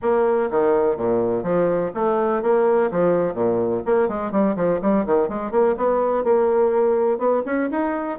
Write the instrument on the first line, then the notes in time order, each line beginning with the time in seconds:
bassoon
0.02 A#3
0.50 D#3
0.96 A#2
1.43 F3
1.94 A3
2.42 A#3
2.91 F3
3.33 A#2
3.85 A#3
4.08 G#3
4.31 G3
4.56 F3
4.81 G3
5.06 D#3
5.28 G#3
5.51 A#3
5.77 B3
6.24 A#3
7.18 B3
7.45 C#4
7.70 D#4